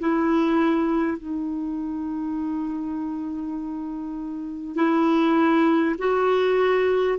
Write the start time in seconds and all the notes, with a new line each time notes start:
0.00 E4
1.18 D#4
4.76 E4
5.99 F#4